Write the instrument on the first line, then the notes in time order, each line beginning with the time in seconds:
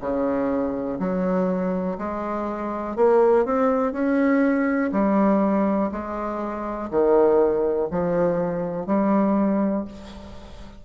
bassoon
0.00 C#3
0.99 F#3
1.98 G#3
2.96 A#3
3.45 C4
3.92 C#4
4.92 G3
5.91 G#3
6.90 D#3
7.90 F3
8.86 G3